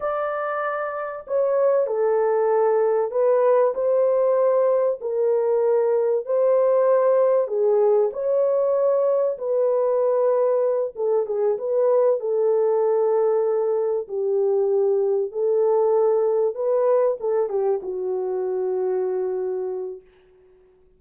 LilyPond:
\new Staff \with { instrumentName = "horn" } { \time 4/4 \tempo 4 = 96 d''2 cis''4 a'4~ | a'4 b'4 c''2 | ais'2 c''2 | gis'4 cis''2 b'4~ |
b'4. a'8 gis'8 b'4 a'8~ | a'2~ a'8 g'4.~ | g'8 a'2 b'4 a'8 | g'8 fis'2.~ fis'8 | }